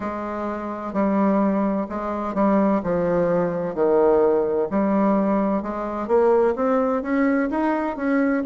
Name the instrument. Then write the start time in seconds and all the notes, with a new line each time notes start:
bassoon
0.00 G#3
0.93 G3
1.89 G#3
2.34 G3
2.83 F3
3.75 D#3
4.70 G3
5.62 G#3
6.07 A#3
6.55 C4
7.02 C#4
7.50 D#4
7.96 C#4